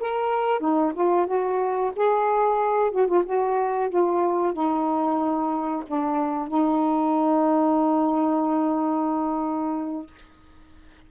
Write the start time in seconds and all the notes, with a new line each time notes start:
0.00 A#4
0.60 D#4
0.95 F4
1.27 F#4
1.96 G#4
2.91 F#4
3.07 F4
3.26 F#4
3.90 F4
4.53 D#4
5.87 D4
6.48 D#4